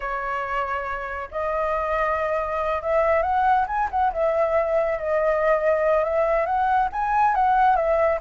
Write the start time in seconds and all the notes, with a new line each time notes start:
0.00 C#5
1.31 D#5
2.82 E5
3.22 F#5
3.67 G#5
3.90 F#5
4.12 E5
4.99 D#5
6.04 E5
6.45 F#5
6.92 G#5
7.34 F#5
7.76 E5